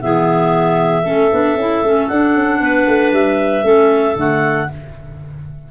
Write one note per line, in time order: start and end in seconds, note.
0.00 1.05 E3
0.00 1.03 B3
0.00 1.03 G#4
0.00 2.08 E5
1.03 1.31 A3
1.03 1.30 C#4
1.03 2.58 A4
1.31 1.56 B3
1.31 1.57 D4
1.56 1.82 C#4
1.56 1.84 E4
1.83 2.09 A3
1.83 2.10 C#4
2.08 2.36 D4
2.08 3.63 D4
2.08 3.12 F#5
2.36 2.61 C#4
2.61 2.87 B3
2.61 3.65 B4
2.87 3.12 A3
3.12 3.64 G3
3.12 4.17 E5
3.63 4.16 A3
3.63 4.15 C#4
3.63 4.68 A4
4.16 4.68 D3
4.16 4.68 A3
4.16 4.71 F#5